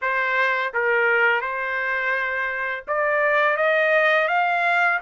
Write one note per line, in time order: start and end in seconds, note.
0.01 0.72 C5
0.73 1.41 A#4
1.41 2.83 C5
2.87 3.56 D5
3.56 4.28 D#5
4.28 4.99 F5